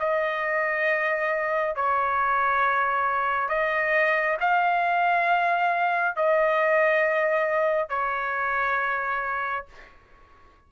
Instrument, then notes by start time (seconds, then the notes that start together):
trumpet
0.00 D#5
1.76 C#5
3.49 D#5
4.41 F5
6.16 D#5
7.89 C#5